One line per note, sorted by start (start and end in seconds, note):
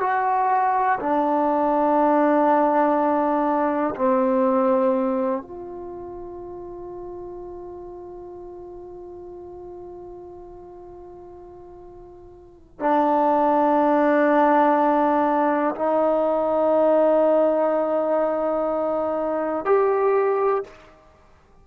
0.00 0.98 F#4
0.99 3.94 D4
3.95 5.42 C4
5.42 12.79 F4
12.79 15.74 D4
15.75 19.65 D#4
19.65 20.63 G4